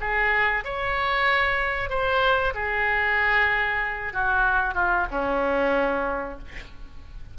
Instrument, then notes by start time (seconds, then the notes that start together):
oboe
0.00 G#4
0.64 C#5
1.89 C5
2.54 G#4
4.13 F#4
4.74 F4
5.11 C#4